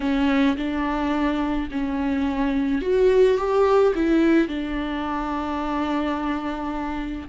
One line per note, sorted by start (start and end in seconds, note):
0.00 0.56 C#4
0.56 1.68 D4
1.71 2.81 C#4
2.81 3.37 F#4
3.37 3.93 G4
3.95 4.48 E4
4.48 7.28 D4